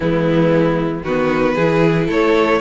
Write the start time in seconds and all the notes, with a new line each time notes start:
0.00 E3 G#3 B3 E4
1.02 D#3 B3 F#4 B4
1.55 E3 E4 G#4
2.07 A3 A4 C#5